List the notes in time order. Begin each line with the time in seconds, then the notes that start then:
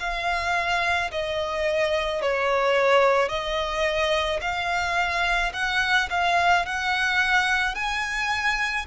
0.00 F5
1.12 D#5
2.22 C#5
3.29 D#5
4.42 F5
5.54 F#5
6.11 F5
6.66 F#5
7.75 G#5